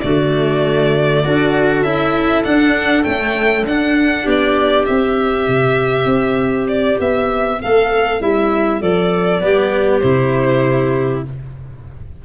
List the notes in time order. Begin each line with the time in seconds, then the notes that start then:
0.00 D3 A3 F#4 D5
1.22 D4 F#4 A4
1.83 C#4 E4 E5
2.44 D4 F#5
3.03 A3 C#4 G5
3.66 D4 F#5
4.24 B3 G4 D5
4.85 C4 E5
5.48 C3
6.05 C4
6.68 D5
7.00 B3 E5
7.62 A3 A4 F5
8.20 G3 E4 E5
8.81 F3 A4 D5
9.41 G3 B3 G4
9.99 C3 E4 C5